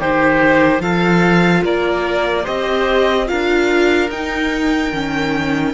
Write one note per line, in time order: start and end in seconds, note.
0.00 0.80 D#3
0.00 0.79 D#4
0.00 0.82 G4
0.00 0.82 C5
0.79 1.62 F3
0.79 2.43 F4
0.79 1.64 A4
0.79 1.64 F5
1.64 2.46 A#3
1.64 2.44 A#4
1.64 2.46 D5
2.44 3.30 C4
2.44 3.27 G4
2.44 3.26 C5
2.44 3.28 D#5
3.27 4.10 D4
3.27 4.09 F4
3.27 5.74 A#4
3.27 4.10 F5
4.10 4.92 D#4
4.10 4.93 D#4
4.10 5.74 G5
4.93 5.74 D#3
4.93 5.74 C#4